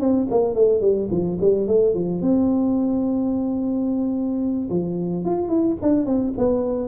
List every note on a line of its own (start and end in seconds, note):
0.00 0.28 C4
0.31 0.55 A#3
0.55 0.81 A3
0.81 1.08 G3
1.11 1.38 F3
1.41 1.68 G3
1.68 1.95 A3
1.95 2.22 F3
2.22 4.69 C4
4.70 5.25 F3
5.25 5.48 F4
5.48 5.76 E4
5.82 6.06 D4
6.06 6.34 C4
6.38 6.89 B3